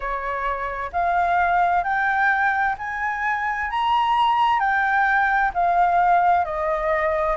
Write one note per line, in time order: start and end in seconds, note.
0.00 0.91 C#5
0.92 1.83 F5
1.83 2.76 G5
2.78 3.70 G#5
3.70 4.59 A#5
4.59 5.51 G5
5.54 6.44 F5
6.44 7.36 D#5